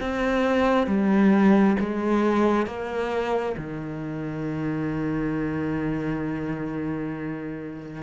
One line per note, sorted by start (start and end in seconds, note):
0.00 0.87 C4
0.87 1.76 G3
1.79 2.66 G#3
2.66 3.55 A#3
3.57 8.02 D#3